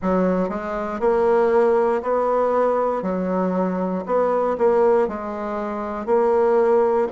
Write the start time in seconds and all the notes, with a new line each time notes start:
0.01 F#3
0.49 G#3
1.00 A#3
2.02 B3
3.02 F#3
4.05 B3
4.58 A#3
5.08 G#3
6.06 A#3